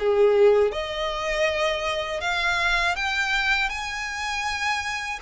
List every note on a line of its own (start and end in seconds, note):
0.00 0.72 G#4
0.72 2.21 D#5
2.21 2.96 F5
2.97 3.70 G5
3.70 5.20 G#5